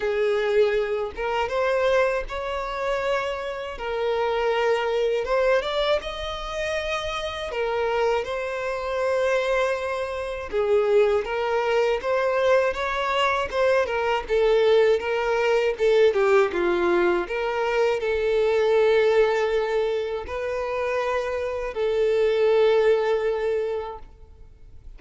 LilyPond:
\new Staff \with { instrumentName = "violin" } { \time 4/4 \tempo 4 = 80 gis'4. ais'8 c''4 cis''4~ | cis''4 ais'2 c''8 d''8 | dis''2 ais'4 c''4~ | c''2 gis'4 ais'4 |
c''4 cis''4 c''8 ais'8 a'4 | ais'4 a'8 g'8 f'4 ais'4 | a'2. b'4~ | b'4 a'2. | }